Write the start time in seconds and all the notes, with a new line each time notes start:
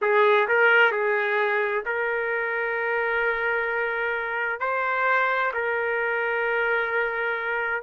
0.01 G#4
0.47 A#4
0.91 G#4
1.85 A#4
4.59 C5
5.53 A#4